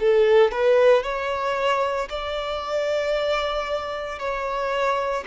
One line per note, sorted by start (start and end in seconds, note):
0.00 0.51 A4
0.51 1.03 B4
1.03 2.09 C#5
2.10 4.19 D5
4.19 5.24 C#5